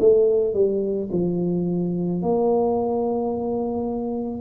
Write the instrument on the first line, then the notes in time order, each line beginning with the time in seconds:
tuba
0.00 A3
0.54 G3
1.12 F3
2.22 A#3